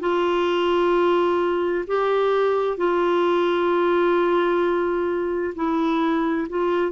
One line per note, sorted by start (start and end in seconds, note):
0.00 1.85 F4
1.88 2.77 G4
2.77 5.54 F4
5.55 6.47 E4
6.49 6.91 F4